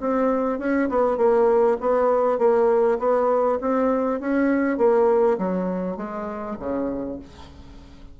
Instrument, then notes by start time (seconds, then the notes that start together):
bassoon
0.00 C4
0.59 C#4
0.89 B3
1.17 A#3
1.80 B3
2.38 A#3
2.99 B3
3.61 C4
4.20 C#4
4.78 A#3
5.38 F#3
5.97 G#3
6.59 C#3